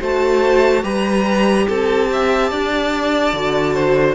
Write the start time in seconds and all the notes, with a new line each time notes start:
0.00 A3 F#4 C5 A5
0.83 G3 G4 B4 A#5
1.68 C4 A4 A5
2.12 E5
2.51 D4 D5
3.33 D3 F#4
3.74 C5